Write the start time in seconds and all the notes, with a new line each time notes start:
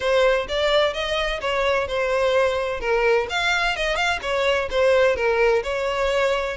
0.00 C5
0.48 D5
0.93 D#5
1.41 C#5
1.87 C5
2.80 A#4
3.29 F5
3.76 D#5
3.95 F5
4.22 C#5
4.70 C5
5.16 A#4
5.63 C#5